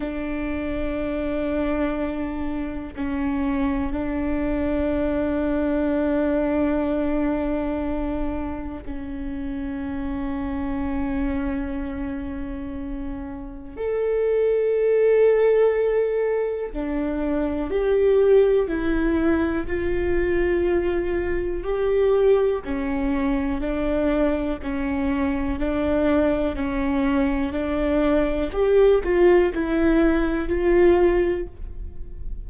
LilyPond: \new Staff \with { instrumentName = "viola" } { \time 4/4 \tempo 4 = 61 d'2. cis'4 | d'1~ | d'4 cis'2.~ | cis'2 a'2~ |
a'4 d'4 g'4 e'4 | f'2 g'4 cis'4 | d'4 cis'4 d'4 cis'4 | d'4 g'8 f'8 e'4 f'4 | }